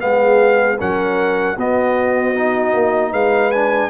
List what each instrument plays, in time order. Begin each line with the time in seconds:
0.00 tuba G#3, trombone B3, horn G#4, trumpet F5
0.78 tuba F#3, trombone C#4, horn A#4, trumpet F#5
1.56 tuba B3, trombone B3, horn F#4, trumpet D#5
2.35 trombone D#4
2.74 tuba A#3
3.12 tuba G#3, horn B4, trumpet F5
3.51 trombone D4, trumpet G#5